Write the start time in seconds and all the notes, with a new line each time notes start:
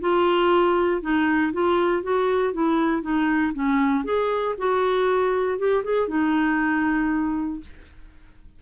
0.00 F4
1.01 D#4
1.52 F4
2.02 F#4
2.53 E4
3.02 D#4
3.53 C#4
4.04 G#4
4.57 F#4
5.58 G4
5.84 G#4
6.07 D#4